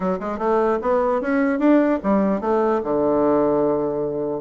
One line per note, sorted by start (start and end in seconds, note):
0.00 0.19 F#3
0.19 0.38 G#3
0.38 0.78 A3
0.81 1.21 B3
1.21 1.59 C#4
1.59 1.99 D4
2.03 2.41 G3
2.41 2.81 A3
2.83 4.41 D3